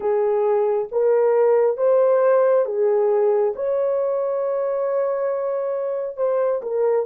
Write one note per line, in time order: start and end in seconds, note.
0.00 0.88 G#4
0.91 1.77 A#4
1.77 2.65 C5
2.65 3.53 G#4
3.55 6.16 C#5
6.16 6.61 C5
6.62 7.06 A#4